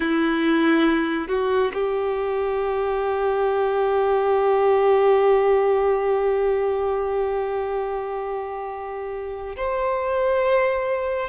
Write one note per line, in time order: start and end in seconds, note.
0.00 1.28 E4
1.28 1.71 F#4
1.73 9.56 G4
9.56 11.29 C5